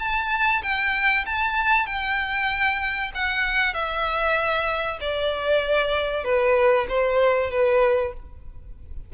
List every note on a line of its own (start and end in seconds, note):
0.00 0.62 A5
0.63 1.26 G5
1.26 1.87 A5
1.87 3.12 G5
3.15 3.74 F#5
3.74 4.99 E5
5.01 6.25 D5
6.25 6.87 B4
6.89 7.51 C5
7.51 8.14 B4